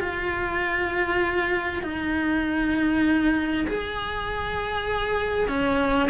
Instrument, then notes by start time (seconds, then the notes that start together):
cello
0.00 F4
1.83 D#4
3.68 G#4
5.48 C#4